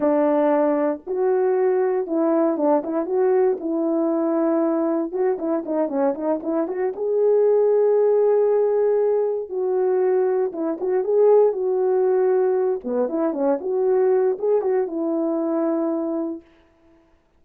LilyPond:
\new Staff \with { instrumentName = "horn" } { \time 4/4 \tempo 4 = 117 d'2 fis'2 | e'4 d'8 e'8 fis'4 e'4~ | e'2 fis'8 e'8 dis'8 cis'8 | dis'8 e'8 fis'8 gis'2~ gis'8~ |
gis'2~ gis'8 fis'4.~ | fis'8 e'8 fis'8 gis'4 fis'4.~ | fis'4 b8 e'8 cis'8 fis'4. | gis'8 fis'8 e'2. | }